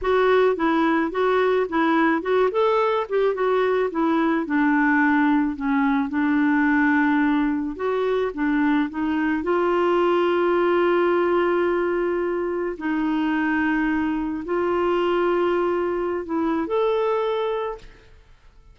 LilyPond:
\new Staff \with { instrumentName = "clarinet" } { \time 4/4 \tempo 4 = 108 fis'4 e'4 fis'4 e'4 | fis'8 a'4 g'8 fis'4 e'4 | d'2 cis'4 d'4~ | d'2 fis'4 d'4 |
dis'4 f'2.~ | f'2. dis'4~ | dis'2 f'2~ | f'4~ f'16 e'8. a'2 | }